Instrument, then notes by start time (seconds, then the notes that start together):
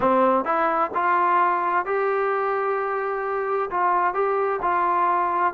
trombone
0.00 C4
0.44 E4
0.94 F4
1.85 G4
3.70 F4
4.13 G4
4.62 F4